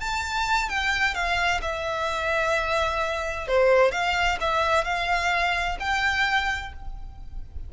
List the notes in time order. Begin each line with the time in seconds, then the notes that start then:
0.00 A5
0.70 G5
1.14 F5
1.62 E5
3.48 C5
3.92 F5
4.41 E5
4.85 F5
5.80 G5